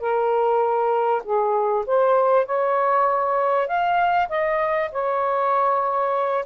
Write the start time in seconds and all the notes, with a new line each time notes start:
0.00 A#4
1.24 G#4
1.86 C5
2.46 C#5
3.67 F5
4.29 D#5
4.92 C#5